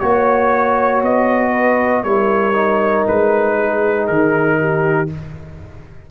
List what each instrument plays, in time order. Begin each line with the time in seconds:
0.00 tuba A#3, trombone F#4, trumpet C#5, horn C#5
1.03 tuba B3, trumpet D#5
1.51 horn B4
2.04 tuba G3, trombone E4, horn A#4, trumpet C#5
2.53 trombone D#4
3.08 tuba G#3, trumpet B4
3.57 horn G#4
4.07 tuba D#3, trumpet A#4
4.60 horn G4